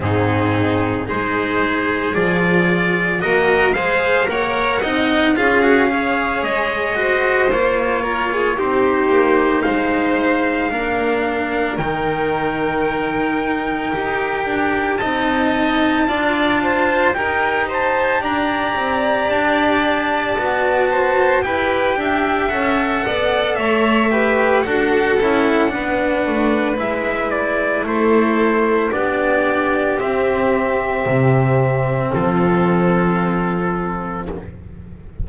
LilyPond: <<
  \new Staff \with { instrumentName = "trumpet" } { \time 4/4 \tempo 4 = 56 gis'4 c''4 d''4 dis''8 f''8 | fis''4 f''4 dis''4 cis''4 | c''4 f''2 g''4~ | g''2 a''2 |
g''8 a''8 ais''4 a''2 | g''4 fis''4 e''4 fis''4~ | fis''4 e''8 d''8 c''4 d''4 | e''2 a'2 | }
  \new Staff \with { instrumentName = "violin" } { \time 4/4 dis'4 gis'2 ais'8 c''8 | cis''8 dis''8 gis'8 cis''4 c''4 ais'16 gis'16 | g'4 c''4 ais'2~ | ais'2 dis''4 d''8 c''8 |
ais'8 c''8 d''2~ d''8 c''8 | b'8 e''4 d''8 cis''8 b'8 a'4 | b'2 a'4 g'4~ | g'2 f'2 | }
  \new Staff \with { instrumentName = "cello" } { \time 4/4 c'4 dis'4 f'4 fis'8 gis'8 | ais'8 dis'8 f'16 fis'16 gis'4 fis'8 f'4 | dis'2 d'4 dis'4~ | dis'4 g'4 dis'4 f'4 |
g'2. fis'4 | g'4 a'4. g'8 fis'8 e'8 | d'4 e'2 d'4 | c'1 | }
  \new Staff \with { instrumentName = "double bass" } { \time 4/4 gis,4 gis4 f4 ais8 gis8 | ais8 c'8 cis'4 gis4 ais4 | c'8 ais8 gis4 ais4 dis4~ | dis4 dis'8 d'8 c'4 d'4 |
dis'4 d'8 c'8 d'4 b4 | e'8 d'8 cis'8 b8 a4 d'8 cis'8 | b8 a8 gis4 a4 b4 | c'4 c4 f2 | }
>>